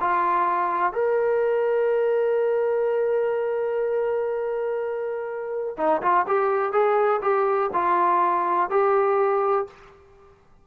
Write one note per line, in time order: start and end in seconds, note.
0.00 0.92 F4
0.92 5.76 A#4
5.77 6.01 D#4
6.02 6.26 F4
6.27 6.72 G4
6.72 7.20 G#4
7.21 7.70 G4
7.73 8.70 F4
8.70 9.67 G4